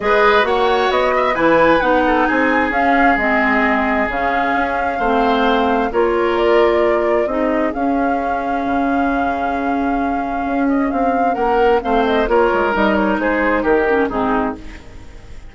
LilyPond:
<<
  \new Staff \with { instrumentName = "flute" } { \time 4/4 \tempo 4 = 132 dis''4 fis''4 dis''4 gis''4 | fis''4 gis''4 f''4 dis''4~ | dis''4 f''2.~ | f''4 cis''4 d''2 |
dis''4 f''2.~ | f''2.~ f''8 dis''8 | f''4 fis''4 f''8 dis''8 cis''4 | dis''8 cis''8 c''4 ais'4 gis'4 | }
  \new Staff \with { instrumentName = "oboe" } { \time 4/4 b'4 cis''4. e''8 b'4~ | b'8 a'8 gis'2.~ | gis'2. c''4~ | c''4 ais'2. |
gis'1~ | gis'1~ | gis'4 ais'4 c''4 ais'4~ | ais'4 gis'4 g'4 dis'4 | }
  \new Staff \with { instrumentName = "clarinet" } { \time 4/4 gis'4 fis'2 e'4 | dis'2 cis'4 c'4~ | c'4 cis'2 c'4~ | c'4 f'2. |
dis'4 cis'2.~ | cis'1~ | cis'2 c'4 f'4 | dis'2~ dis'8 cis'8 c'4 | }
  \new Staff \with { instrumentName = "bassoon" } { \time 4/4 gis4 ais4 b4 e4 | b4 c'4 cis'4 gis4~ | gis4 cis4 cis'4 a4~ | a4 ais2. |
c'4 cis'2 cis4~ | cis2. cis'4 | c'4 ais4 a4 ais8 gis8 | g4 gis4 dis4 gis,4 | }
>>